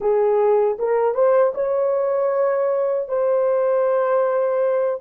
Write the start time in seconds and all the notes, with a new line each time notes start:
0.00 G#4
0.79 A#4
1.14 C5
1.54 C#5
3.08 C5